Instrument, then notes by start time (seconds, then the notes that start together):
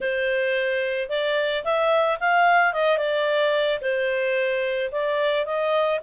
clarinet
0.00 C5
1.09 D5
1.64 E5
2.20 F5
2.73 D#5
2.97 D5
3.81 C5
4.91 D5
5.45 D#5